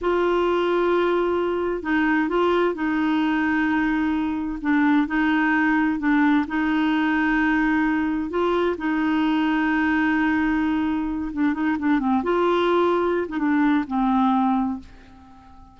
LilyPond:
\new Staff \with { instrumentName = "clarinet" } { \time 4/4 \tempo 4 = 130 f'1 | dis'4 f'4 dis'2~ | dis'2 d'4 dis'4~ | dis'4 d'4 dis'2~ |
dis'2 f'4 dis'4~ | dis'1~ | dis'8 d'8 dis'8 d'8 c'8 f'4.~ | f'8. dis'16 d'4 c'2 | }